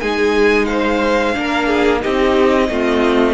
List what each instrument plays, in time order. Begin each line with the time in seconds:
0.00 cello G#3, viola D#4, violin G#4 G#5
0.65 violin C5 F5
1.34 cello A#3, viola D4, violin A#4
1.67 violin G#4
2.00 cello C4, viola D#4, violin G4 D#5
2.69 cello A3, viola C4, violin F4